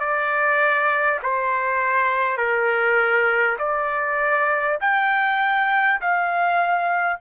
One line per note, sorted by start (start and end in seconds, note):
0.00 1.20 D5
1.23 2.37 C5
2.37 3.57 A#4
3.58 4.78 D5
4.81 6.01 G5
6.01 7.21 F5